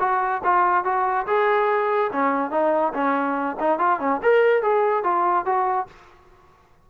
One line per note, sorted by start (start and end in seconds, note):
0.00 0.42 F#4
0.45 0.85 F4
0.85 1.27 F#4
1.27 2.11 G#4
2.13 2.51 C#4
2.51 2.93 D#4
2.94 3.57 C#4
3.60 3.79 D#4
3.79 4.00 F4
4.00 4.21 C#4
4.23 4.63 A#4
4.63 5.04 G#4
5.04 5.46 F4
5.46 5.88 F#4